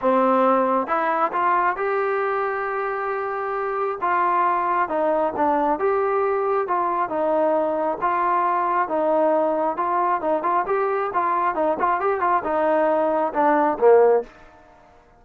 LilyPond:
\new Staff \with { instrumentName = "trombone" } { \time 4/4 \tempo 4 = 135 c'2 e'4 f'4 | g'1~ | g'4 f'2 dis'4 | d'4 g'2 f'4 |
dis'2 f'2 | dis'2 f'4 dis'8 f'8 | g'4 f'4 dis'8 f'8 g'8 f'8 | dis'2 d'4 ais4 | }